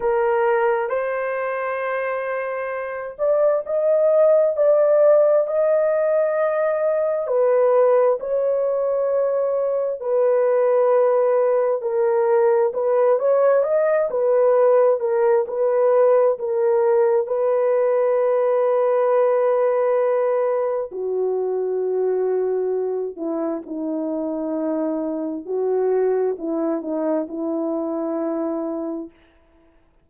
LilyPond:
\new Staff \with { instrumentName = "horn" } { \time 4/4 \tempo 4 = 66 ais'4 c''2~ c''8 d''8 | dis''4 d''4 dis''2 | b'4 cis''2 b'4~ | b'4 ais'4 b'8 cis''8 dis''8 b'8~ |
b'8 ais'8 b'4 ais'4 b'4~ | b'2. fis'4~ | fis'4. e'8 dis'2 | fis'4 e'8 dis'8 e'2 | }